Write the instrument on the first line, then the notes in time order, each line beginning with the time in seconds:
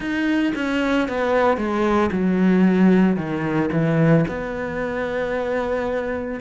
cello
0.00 D#4
0.55 C#4
1.08 B3
1.57 G#3
2.12 F#3
3.16 D#3
3.72 E3
4.27 B3